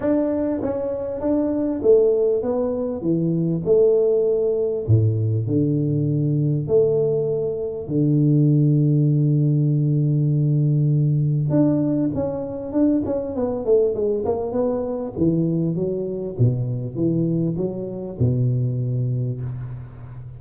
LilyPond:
\new Staff \with { instrumentName = "tuba" } { \time 4/4 \tempo 4 = 99 d'4 cis'4 d'4 a4 | b4 e4 a2 | a,4 d2 a4~ | a4 d2.~ |
d2. d'4 | cis'4 d'8 cis'8 b8 a8 gis8 ais8 | b4 e4 fis4 b,4 | e4 fis4 b,2 | }